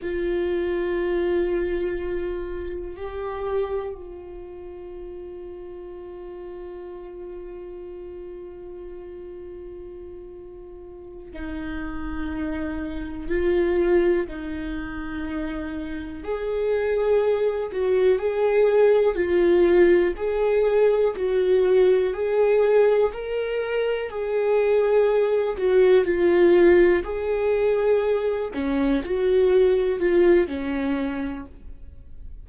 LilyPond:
\new Staff \with { instrumentName = "viola" } { \time 4/4 \tempo 4 = 61 f'2. g'4 | f'1~ | f'2.~ f'8 dis'8~ | dis'4. f'4 dis'4.~ |
dis'8 gis'4. fis'8 gis'4 f'8~ | f'8 gis'4 fis'4 gis'4 ais'8~ | ais'8 gis'4. fis'8 f'4 gis'8~ | gis'4 cis'8 fis'4 f'8 cis'4 | }